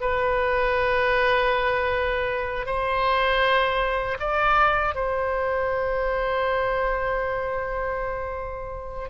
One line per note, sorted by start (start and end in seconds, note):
0.00 2.65 B4
2.65 4.17 C5
4.19 4.94 D5
4.94 9.09 C5